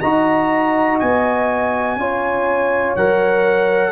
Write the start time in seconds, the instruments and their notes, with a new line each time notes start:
0.00 tuba D#4, trombone F#4, horn D#5, trumpet A#5
0.99 tuba B3, trumpet G#5
1.96 tuba C#4, trombone F4, horn C#5
2.96 tuba F#3, trombone A#4, trumpet F#5